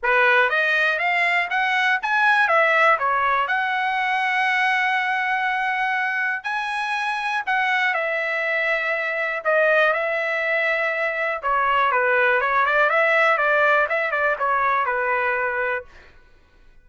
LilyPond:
\new Staff \with { instrumentName = "trumpet" } { \time 4/4 \tempo 4 = 121 b'4 dis''4 f''4 fis''4 | gis''4 e''4 cis''4 fis''4~ | fis''1~ | fis''4 gis''2 fis''4 |
e''2. dis''4 | e''2. cis''4 | b'4 cis''8 d''8 e''4 d''4 | e''8 d''8 cis''4 b'2 | }